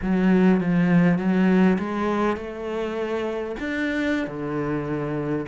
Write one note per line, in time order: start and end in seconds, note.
0.01 0.60 F#3
0.60 1.18 F3
1.18 1.77 F#3
1.78 2.36 G#3
2.36 3.55 A3
3.59 4.27 D4
4.27 5.45 D3